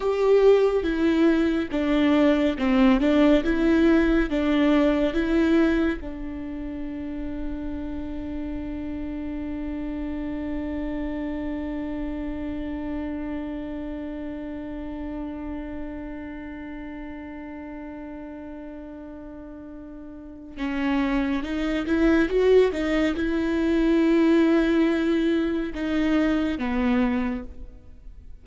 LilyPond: \new Staff \with { instrumentName = "viola" } { \time 4/4 \tempo 4 = 70 g'4 e'4 d'4 c'8 d'8 | e'4 d'4 e'4 d'4~ | d'1~ | d'1~ |
d'1~ | d'1 | cis'4 dis'8 e'8 fis'8 dis'8 e'4~ | e'2 dis'4 b4 | }